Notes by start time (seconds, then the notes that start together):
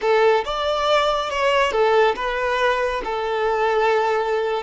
0.01 A4
0.44 D5
1.30 C#5
1.72 A4
2.15 B4
3.04 A4